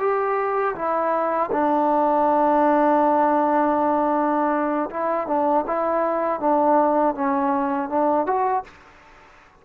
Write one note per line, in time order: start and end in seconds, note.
0.00 0.75 G4
0.75 1.50 E4
1.52 4.90 D4
4.90 5.27 E4
5.27 5.65 D4
5.67 6.40 E4
6.40 7.15 D4
7.15 7.90 C#4
7.90 8.27 D4
8.27 8.64 F#4